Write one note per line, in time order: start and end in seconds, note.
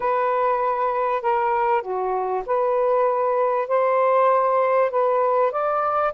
0.00 1.22 B4
1.22 1.82 A#4
1.82 2.43 F#4
2.45 3.68 B4
3.68 4.90 C5
4.90 5.51 B4
5.51 6.12 D5